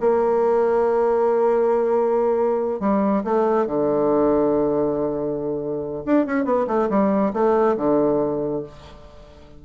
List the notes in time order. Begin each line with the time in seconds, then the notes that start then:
0.00 A#3
2.80 G3
3.24 A3
3.66 D3
6.05 D4
6.26 C#4
6.45 B3
6.67 A3
6.89 G3
7.33 A3
7.76 D3